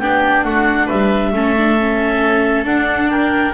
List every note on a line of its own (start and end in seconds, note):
0.00 0.44 B3
0.00 1.35 D4
0.00 0.45 G4
0.00 0.44 G5
0.44 0.88 A3
0.44 0.86 F#4
0.44 0.88 F#5
0.86 1.33 G3
0.86 1.31 B4
0.86 2.65 E5
1.33 2.65 A3
1.33 1.57 C#4
1.33 3.11 A4
1.58 1.80 D4
1.80 2.66 C#4
2.65 3.53 D4
2.65 3.54 D4
2.65 3.10 F#5
3.10 3.54 A#4
3.10 3.54 G5